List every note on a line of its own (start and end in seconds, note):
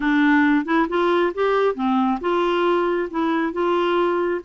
0.00 0.65 D4
0.65 0.87 E4
0.88 1.32 F4
1.34 1.74 G4
1.74 2.18 C4
2.20 3.09 F4
3.10 3.52 E4
3.52 4.40 F4